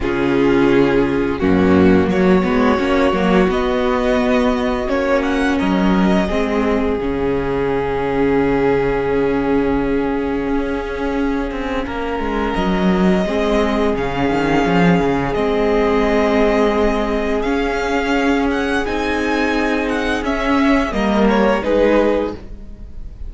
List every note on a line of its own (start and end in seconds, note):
0.00 1.39 C#3
0.00 1.40 C#4
0.00 1.40 F4
0.00 1.39 G#4
1.39 2.07 F#2
1.39 2.42 A#3
1.39 2.09 C#4
1.39 2.09 F#4
2.07 2.42 F#3
2.07 5.58 F#4
2.07 3.50 C#5
2.42 2.79 G#3
2.42 2.77 B3
2.78 3.12 A#3
2.78 3.13 C#4
3.12 3.47 F#3
3.12 3.48 A#3
3.48 4.87 B3
3.48 4.89 D#5
4.87 5.58 A#3
4.87 6.27 C#4
4.87 5.22 C#5
5.22 5.57 F#5
5.58 6.29 F#3
5.58 6.26 A#4
5.58 6.98 D#5
6.26 6.98 G#3
6.26 6.99 C4
6.26 11.84 G#4
6.98 10.47 C#3
6.98 13.26 C#4
6.98 12.54 F5
10.47 11.51 C#4
11.51 11.86 C4
11.85 12.19 A#3
11.85 13.25 A#4
12.19 12.54 G#3
12.54 13.25 F#3
12.54 13.93 D#5
13.25 13.95 G#3
13.25 13.95 C4
13.25 20.94 G#4
13.95 14.30 C#3
13.95 15.34 C#4
13.95 15.33 F5
14.30 14.65 D#3
14.65 14.99 F3
14.99 15.34 C#3
15.33 17.44 G#3
15.33 17.44 C4
15.33 17.41 D#5
17.41 18.83 C#4
17.41 18.84 C#4
17.41 18.46 F5
18.51 18.85 F#5
18.85 20.22 C4
18.85 20.24 D#4
18.85 19.88 G#5
19.88 20.23 F#5
20.22 20.92 C#4
20.22 20.91 C#4
20.22 20.92 E5
20.91 21.62 G3
20.91 21.61 A#3
20.91 21.63 A#4
20.91 21.27 D#5
21.28 21.63 C#5
21.62 22.34 G#3
21.62 22.32 D#4
21.62 22.33 G#4
21.62 22.32 B4